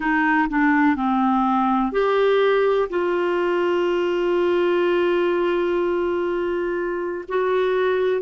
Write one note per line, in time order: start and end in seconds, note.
0.00 0.48 D#4
0.49 0.95 D4
0.95 1.92 C4
1.92 2.89 G4
2.89 7.24 F4
7.28 8.21 F#4